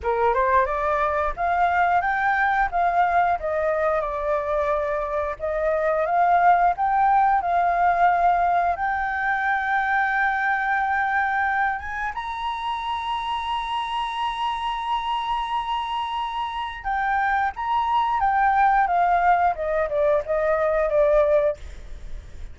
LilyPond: \new Staff \with { instrumentName = "flute" } { \time 4/4 \tempo 4 = 89 ais'8 c''8 d''4 f''4 g''4 | f''4 dis''4 d''2 | dis''4 f''4 g''4 f''4~ | f''4 g''2.~ |
g''4. gis''8 ais''2~ | ais''1~ | ais''4 g''4 ais''4 g''4 | f''4 dis''8 d''8 dis''4 d''4 | }